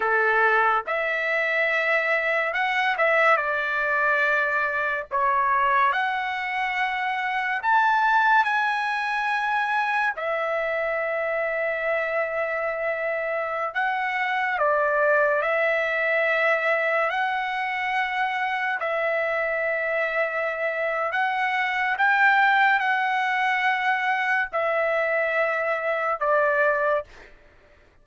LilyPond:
\new Staff \with { instrumentName = "trumpet" } { \time 4/4 \tempo 4 = 71 a'4 e''2 fis''8 e''8 | d''2 cis''4 fis''4~ | fis''4 a''4 gis''2 | e''1~ |
e''16 fis''4 d''4 e''4.~ e''16~ | e''16 fis''2 e''4.~ e''16~ | e''4 fis''4 g''4 fis''4~ | fis''4 e''2 d''4 | }